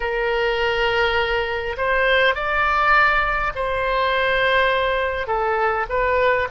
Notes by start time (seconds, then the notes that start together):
0.00 A#4
1.76 C5
2.35 D5
3.55 C5
5.27 A4
5.89 B4